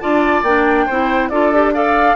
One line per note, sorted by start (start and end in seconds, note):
0.00 0.43 D4
0.00 0.44 F4
0.00 0.86 D5
0.00 0.43 A5
0.43 0.86 A#3
0.43 0.89 D4
0.43 1.29 G5
0.86 1.31 C4
0.86 1.32 E4
0.86 1.29 C5
1.29 2.16 D4
1.29 1.53 F4
1.29 1.74 A4
1.29 1.72 D5
1.54 1.74 G4
1.74 2.16 A4
1.74 2.16 D5
1.74 2.16 F5